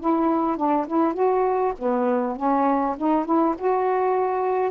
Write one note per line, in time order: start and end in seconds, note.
0.00 0.57 E4
0.57 0.86 D4
0.87 1.14 E4
1.14 1.73 F#4
1.78 2.37 B3
2.37 2.96 C#4
2.98 3.25 D#4
3.25 3.55 E4
3.58 4.71 F#4